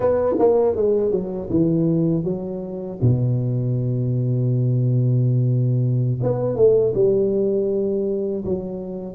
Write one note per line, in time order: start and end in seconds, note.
0.00 0.35 B3
0.39 0.75 A#3
0.75 1.11 G#3
1.11 1.48 F#3
1.50 2.24 E3
2.24 2.99 F#3
3.01 6.20 B2
6.22 6.56 B3
6.56 6.93 A3
6.94 8.44 G3
8.44 9.14 F#3